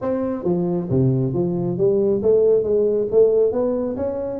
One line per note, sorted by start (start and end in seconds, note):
0.01 0.44 C4
0.44 0.88 F3
0.89 1.33 C3
1.33 1.77 F3
1.77 2.21 G3
2.22 2.63 A3
2.63 3.07 G#3
3.11 3.52 A3
3.52 3.96 B3
3.96 4.40 C#4